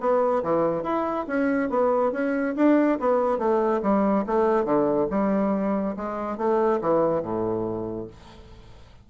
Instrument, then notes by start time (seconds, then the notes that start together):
bassoon
0.00 B3
0.43 E3
0.83 E4
1.27 C#4
1.69 B3
2.12 C#4
2.56 D4
2.99 B3
3.38 A3
3.82 G3
4.26 A3
4.64 D3
5.10 G3
5.96 G#3
6.37 A3
6.81 E3
7.22 A2